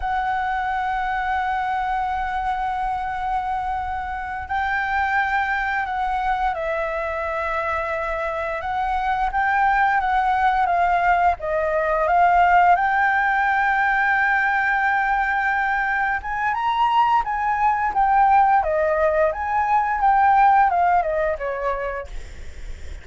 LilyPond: \new Staff \with { instrumentName = "flute" } { \time 4/4 \tempo 4 = 87 fis''1~ | fis''2~ fis''8 g''4.~ | g''8 fis''4 e''2~ e''8~ | e''8 fis''4 g''4 fis''4 f''8~ |
f''8 dis''4 f''4 g''4.~ | g''2.~ g''8 gis''8 | ais''4 gis''4 g''4 dis''4 | gis''4 g''4 f''8 dis''8 cis''4 | }